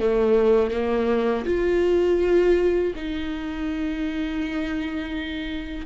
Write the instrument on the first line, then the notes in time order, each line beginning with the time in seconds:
viola
0.00 A3
0.71 A#3
1.46 F4
2.96 D#4